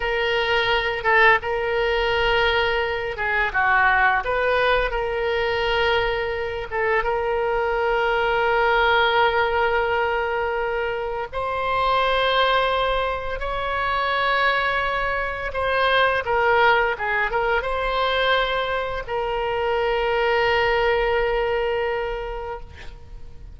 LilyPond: \new Staff \with { instrumentName = "oboe" } { \time 4/4 \tempo 4 = 85 ais'4. a'8 ais'2~ | ais'8 gis'8 fis'4 b'4 ais'4~ | ais'4. a'8 ais'2~ | ais'1 |
c''2. cis''4~ | cis''2 c''4 ais'4 | gis'8 ais'8 c''2 ais'4~ | ais'1 | }